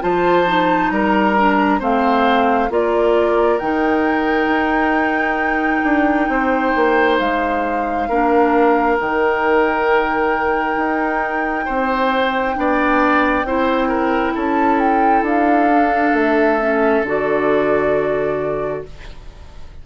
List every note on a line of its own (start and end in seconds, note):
0.00 0.90 F3
0.00 0.45 F4
0.00 0.92 C5
0.00 0.90 A5
0.46 1.36 D#4
0.90 1.80 G3
0.90 1.79 A#4
0.90 1.80 A#5
1.37 1.80 D4
1.79 2.69 A3
1.79 2.69 C4
1.79 2.69 C5
1.79 2.72 F5
2.69 3.59 A#3
2.69 3.59 F4
2.69 6.30 A#4
2.69 3.58 D5
3.58 4.47 D#3
3.58 8.09 D#4
3.58 7.17 G5
4.47 5.81 D#4
5.83 6.28 D4
6.29 6.73 C4
6.29 8.08 C5
6.75 7.19 A#3
7.19 8.09 G#3
7.19 8.98 F5
8.08 8.98 A#3
8.08 8.98 D4
8.08 11.65 A#4
8.98 10.76 D#3
8.98 12.55 D#4
8.98 14.38 G5
10.76 11.66 D#4
11.65 12.57 C4
11.65 12.54 C5
12.55 13.44 B3
12.55 13.44 D4
12.55 13.46 D5
13.44 14.33 C4
13.44 15.70 E4
13.44 13.88 C5
13.88 14.33 A#4
14.35 15.22 C#4
14.35 18.82 A4
14.35 14.79 A5
14.79 15.24 G5
15.22 16.12 D4
15.22 16.16 F5
15.70 16.60 D4
16.13 17.02 A3
16.13 17.05 E5
16.60 17.04 C#4
17.02 18.81 D3
17.02 18.86 F#4
17.02 18.85 D5